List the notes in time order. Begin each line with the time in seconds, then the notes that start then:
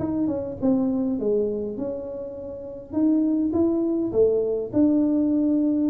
0.00 D#4
0.28 C#4
0.62 C4
1.20 G#3
1.78 C#4
2.93 D#4
3.53 E4
4.13 A3
4.74 D4